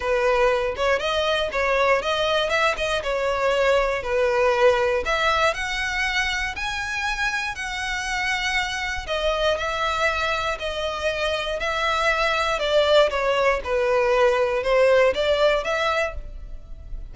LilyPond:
\new Staff \with { instrumentName = "violin" } { \time 4/4 \tempo 4 = 119 b'4. cis''8 dis''4 cis''4 | dis''4 e''8 dis''8 cis''2 | b'2 e''4 fis''4~ | fis''4 gis''2 fis''4~ |
fis''2 dis''4 e''4~ | e''4 dis''2 e''4~ | e''4 d''4 cis''4 b'4~ | b'4 c''4 d''4 e''4 | }